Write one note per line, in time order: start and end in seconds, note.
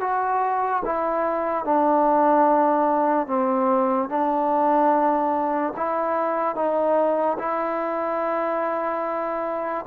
0.00 0.82 F#4
0.85 1.64 E4
1.64 3.27 D4
3.27 4.09 C4
4.09 5.73 D4
5.76 6.55 E4
6.55 7.37 D#4
7.38 9.85 E4